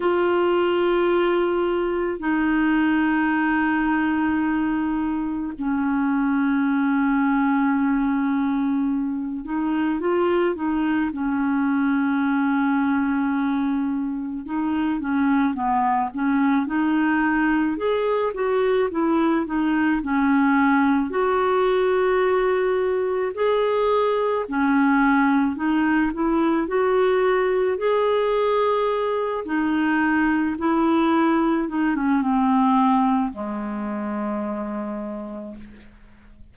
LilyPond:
\new Staff \with { instrumentName = "clarinet" } { \time 4/4 \tempo 4 = 54 f'2 dis'2~ | dis'4 cis'2.~ | cis'8 dis'8 f'8 dis'8 cis'2~ | cis'4 dis'8 cis'8 b8 cis'8 dis'4 |
gis'8 fis'8 e'8 dis'8 cis'4 fis'4~ | fis'4 gis'4 cis'4 dis'8 e'8 | fis'4 gis'4. dis'4 e'8~ | e'8 dis'16 cis'16 c'4 gis2 | }